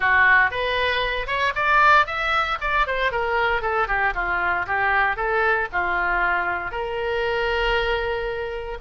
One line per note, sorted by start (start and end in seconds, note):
0.00 0.50 F#4
0.50 1.26 B4
1.26 1.52 C#5
1.55 2.06 D5
2.06 2.58 E5
2.60 2.86 D5
2.87 3.11 C5
3.11 3.61 A#4
3.61 3.87 A4
3.87 4.13 G4
4.14 4.66 F4
4.66 5.16 G4
5.16 5.68 A4
5.72 6.71 F4
6.71 8.78 A#4